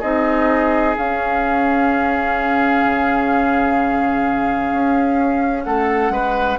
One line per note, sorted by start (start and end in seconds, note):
0.00 0.96 C4
0.00 0.96 D#4
0.00 5.62 G#4
0.00 0.95 D#5
0.97 6.59 C#4
0.97 2.85 C#4
0.97 5.64 F5
2.85 4.72 C#3
4.72 5.66 C#4
5.64 6.10 A3
5.64 6.13 A4
5.64 6.58 F#5
6.10 6.57 G#3
6.10 6.59 B4